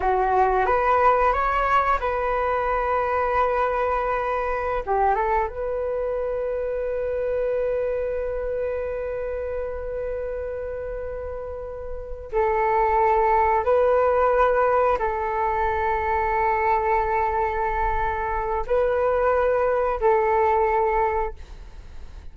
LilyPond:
\new Staff \with { instrumentName = "flute" } { \time 4/4 \tempo 4 = 90 fis'4 b'4 cis''4 b'4~ | b'2.~ b'16 g'8 a'16~ | a'16 b'2.~ b'8.~ | b'1~ |
b'2~ b'8 a'4.~ | a'8 b'2 a'4.~ | a'1 | b'2 a'2 | }